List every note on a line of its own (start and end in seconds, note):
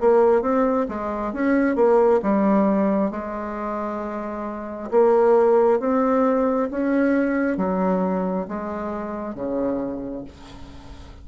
0.00 0.42 A#3
0.42 0.86 C4
0.88 1.33 G#3
1.33 1.75 C#4
1.75 2.20 A#3
2.22 3.11 G3
3.11 4.90 G#3
4.91 5.80 A#3
5.80 6.69 C4
6.70 7.57 C#4
7.57 8.47 F#3
8.47 9.35 G#3
9.35 10.24 C#3